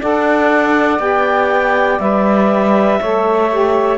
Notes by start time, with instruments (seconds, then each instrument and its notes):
0.00 cello D4, saxophone A4 D5, clarinet F#5
0.99 cello B3, saxophone G4, clarinet G5
1.99 cello G3, saxophone B4, clarinet E5
3.00 cello A3, saxophone A4 C#5
3.50 saxophone G4